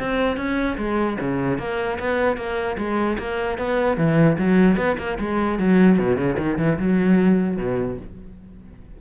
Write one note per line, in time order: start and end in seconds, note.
0.00 0.37 C4
0.37 0.77 C#4
0.78 1.18 G#3
1.21 1.59 C#3
1.59 1.99 A#3
2.00 2.37 B3
2.37 2.77 A#3
2.78 3.18 G#3
3.19 3.59 A#3
3.59 3.98 B3
3.98 4.38 E3
4.39 4.77 F#3
4.77 4.97 B3
4.99 5.19 A#3
5.20 5.59 G#3
5.59 5.99 F#3
5.99 6.17 B2
6.17 6.37 C#3
6.38 6.58 D#3
6.58 6.78 E3
6.79 7.58 F#3
7.58 7.98 B2